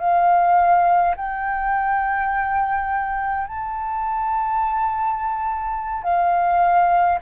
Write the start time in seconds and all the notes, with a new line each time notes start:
0.00 F5
1.17 G5
3.47 A5
6.04 F5